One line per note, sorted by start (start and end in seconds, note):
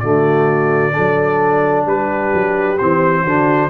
0.00 0.95 D3
0.00 0.93 A3
0.00 0.93 F#4
0.00 1.85 D5
0.93 1.86 F#3
0.93 2.77 D4
0.93 1.85 A4
1.86 2.32 G3
1.86 3.23 G4
1.86 2.78 B4
2.34 2.80 F#3
2.78 3.25 E3
2.78 3.27 C4
2.78 3.70 C5
3.23 3.70 D3
3.23 3.70 D4
3.23 3.70 F#4